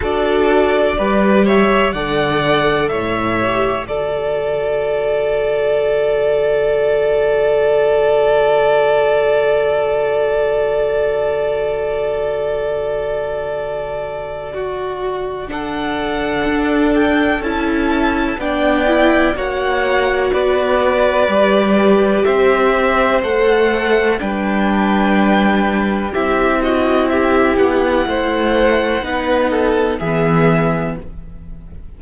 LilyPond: <<
  \new Staff \with { instrumentName = "violin" } { \time 4/4 \tempo 4 = 62 d''4. e''8 fis''4 e''4 | d''1~ | d''1~ | d''1 |
fis''4. g''8 a''4 g''4 | fis''4 d''2 e''4 | fis''4 g''2 e''8 dis''8 | e''8 fis''2~ fis''8 e''4 | }
  \new Staff \with { instrumentName = "violin" } { \time 4/4 a'4 b'8 cis''8 d''4 cis''4 | a'1~ | a'1~ | a'2. fis'4 |
a'2. d''4 | cis''4 b'2 c''4~ | c''4 b'2 g'8 fis'8 | g'4 c''4 b'8 a'8 gis'4 | }
  \new Staff \with { instrumentName = "viola" } { \time 4/4 fis'4 g'4 a'4. g'8 | fis'1~ | fis'1~ | fis'1 |
d'2 e'4 d'8 e'8 | fis'2 g'2 | a'4 d'2 e'4~ | e'2 dis'4 b4 | }
  \new Staff \with { instrumentName = "cello" } { \time 4/4 d'4 g4 d4 a,4 | d1~ | d1~ | d1~ |
d4 d'4 cis'4 b4 | ais4 b4 g4 c'4 | a4 g2 c'4~ | c'8 b8 a4 b4 e4 | }
>>